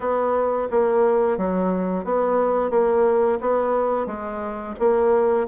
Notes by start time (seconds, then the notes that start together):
0.00 B3
0.70 A#3
1.37 F#3
2.04 B3
2.70 A#3
3.40 B3
4.06 G#3
4.79 A#3